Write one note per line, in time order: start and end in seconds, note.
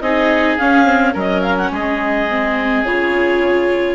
0.00 0.57 C4
0.00 0.58 D#4
0.00 1.13 G#4
0.00 0.57 D#5
0.57 0.84 C#4
0.57 1.15 C#4
0.57 1.14 F5
0.84 1.12 C4
1.13 1.70 F#3
1.13 2.27 C#4
1.13 1.70 A#4
1.13 1.41 D#5
1.41 1.55 F5
1.57 1.71 F#5
1.70 2.83 G#3
1.70 3.95 G#4
1.70 2.84 D#5
2.29 2.85 C4
2.84 3.95 C#3
2.84 3.95 F4
2.84 3.95 C#5